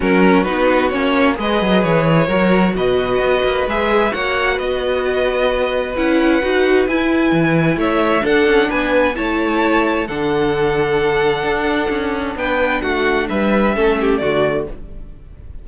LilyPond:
<<
  \new Staff \with { instrumentName = "violin" } { \time 4/4 \tempo 4 = 131 ais'4 b'4 cis''4 dis''4 | cis''2 dis''2 | e''4 fis''4 dis''2~ | dis''4 fis''2 gis''4~ |
gis''4 e''4 fis''4 gis''4 | a''2 fis''2~ | fis''2. g''4 | fis''4 e''2 d''4 | }
  \new Staff \with { instrumentName = "violin" } { \time 4/4 fis'2. b'4~ | b'4 ais'4 b'2~ | b'4 cis''4 b'2~ | b'1~ |
b'4 cis''4 a'4 b'4 | cis''2 a'2~ | a'2. b'4 | fis'4 b'4 a'8 g'8 fis'4 | }
  \new Staff \with { instrumentName = "viola" } { \time 4/4 cis'4 dis'4 cis'4 gis'4~ | gis'4 fis'2. | gis'4 fis'2.~ | fis'4 e'4 fis'4 e'4~ |
e'2 d'2 | e'2 d'2~ | d'1~ | d'2 cis'4 a4 | }
  \new Staff \with { instrumentName = "cello" } { \time 4/4 fis4 b4 ais4 gis8 fis8 | e4 fis4 b,4 b8 ais8 | gis4 ais4 b2~ | b4 cis'4 dis'4 e'4 |
e4 a4 d'8 cis'8 b4 | a2 d2~ | d4 d'4 cis'4 b4 | a4 g4 a4 d4 | }
>>